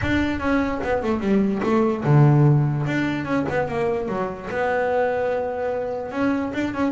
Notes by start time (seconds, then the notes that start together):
0.01 D4
0.39 C#4
0.83 B3
1.02 A3
1.20 G3
1.63 A3
2.04 D3
2.86 D4
3.25 C#4
3.49 B3
3.68 A#3
4.08 F#3
4.50 B3
6.11 C#4
6.53 D4
6.74 C#4